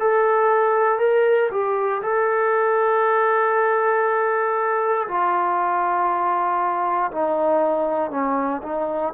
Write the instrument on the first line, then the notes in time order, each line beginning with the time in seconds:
trombone
0.00 A4
0.99 A#4
1.51 G4
2.02 A4
5.08 F4
7.11 D#4
8.11 C#4
8.63 D#4